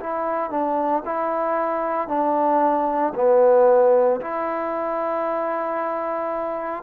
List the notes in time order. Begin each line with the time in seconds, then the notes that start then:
0.00 E4
0.50 D4
1.05 E4
2.08 D4
3.15 B3
4.21 E4